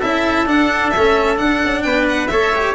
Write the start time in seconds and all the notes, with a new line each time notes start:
0.00 C#4 E4 A4 E5
0.47 D4 F#5
0.90 A3 E5
0.97 C#4
1.36 D4 F#5
1.65 C#4
1.83 B3 B4 G5
2.09 F#5
2.28 A3 A4 C#5 E5
2.56 G4